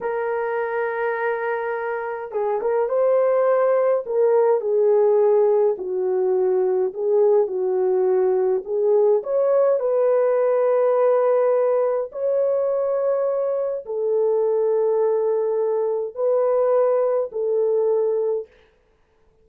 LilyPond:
\new Staff \with { instrumentName = "horn" } { \time 4/4 \tempo 4 = 104 ais'1 | gis'8 ais'8 c''2 ais'4 | gis'2 fis'2 | gis'4 fis'2 gis'4 |
cis''4 b'2.~ | b'4 cis''2. | a'1 | b'2 a'2 | }